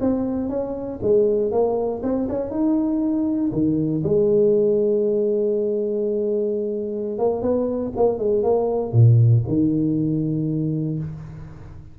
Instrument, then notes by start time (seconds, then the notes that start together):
tuba
0.00 C4
0.49 C#4
1.02 G#3
1.51 A#3
2.02 C4
2.28 C#4
2.50 D#4
3.52 D#3
4.03 G#3
7.18 A#3
7.41 B3
7.96 A#3
8.18 G#3
8.43 A#3
8.92 A#2
9.47 D#3